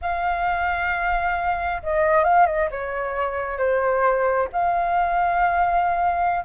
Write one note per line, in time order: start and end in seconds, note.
0.01 1.82 F5
1.83 2.23 D#5
2.23 2.46 F5
2.46 2.68 D#5
2.70 3.58 C#5
3.58 4.48 C5
4.52 6.44 F5